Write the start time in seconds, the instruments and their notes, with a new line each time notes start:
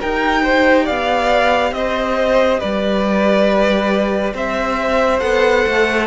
0.00 cello D#4, viola G4, violin A#4 G5
0.43 violin C5
0.85 cello B3, violin D5 F5
1.72 cello C4, violin C5 D#5
2.60 cello G3, violin B4 D5
4.34 cello C4, violin C5 E5
5.20 cello B3, viola A4, violin F#5
5.67 cello A3